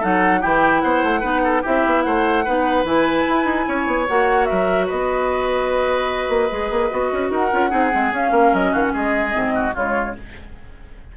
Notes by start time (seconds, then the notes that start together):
0.00 F#3 D#4 A4 F#5
0.41 E3 E4 G4 G5
0.82 B3 C5 F#5
1.04 A3
1.21 B3 D#4 B4
1.45 A4
1.63 C4 E4 G4 E5
1.86 B3
2.03 A3 C5 F#5
2.45 B3 D#4 B4
2.84 E3 E4 G#5
3.29 E4
3.45 D#4
3.68 C#4 C#5
3.87 B3
4.08 A#3 F#4 F#5
4.46 F#3 A#4 E5
4.86 B3 B4 D#5
6.29 A#3
6.51 G#3 G#4
6.71 A#3
6.91 B3 F#4
7.13 C#4
7.31 D#4 A#4 F#5
7.52 C#4 F4
7.70 C4 D#4 G#4
7.92 G#3 C4
8.12 C#4 F5
8.32 A#3 A#4
8.54 F#3 D#5
8.72 D#3 F#4 F5
8.83 F#5
8.94 G#3 G#4 D#5
9.32 G#2 C4
9.55 F#4
9.75 C#3 G#3 F4 C#5